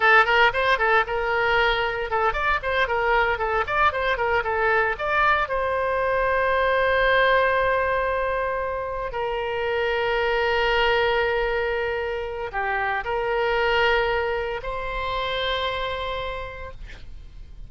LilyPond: \new Staff \with { instrumentName = "oboe" } { \time 4/4 \tempo 4 = 115 a'8 ais'8 c''8 a'8 ais'2 | a'8 d''8 c''8 ais'4 a'8 d''8 c''8 | ais'8 a'4 d''4 c''4.~ | c''1~ |
c''4. ais'2~ ais'8~ | ais'1 | g'4 ais'2. | c''1 | }